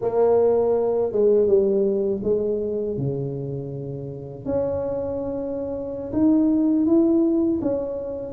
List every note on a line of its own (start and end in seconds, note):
0.01 1.11 A#3
1.11 1.47 G#3
1.47 2.21 G3
2.23 2.97 G#3
2.97 4.45 C#3
4.45 6.11 C#4
6.12 6.86 D#4
6.86 7.60 E4
7.61 8.33 C#4